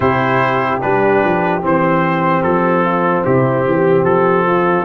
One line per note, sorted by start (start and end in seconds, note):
0.00 0.81 C3
0.00 0.81 E4
0.00 2.83 G4
0.00 0.81 C5
0.81 1.24 G3
0.81 1.61 D4
0.81 1.62 B4
1.24 1.62 F3
1.61 2.43 E3
1.61 4.84 C4
1.61 2.42 C5
2.42 3.24 F3
2.42 3.23 A4
2.83 3.24 F4
3.24 3.66 C3
3.24 3.66 E4
3.24 4.04 G4
3.66 4.04 E3
3.66 4.46 G4
4.04 4.84 F3
4.04 4.84 A4
4.46 4.84 F4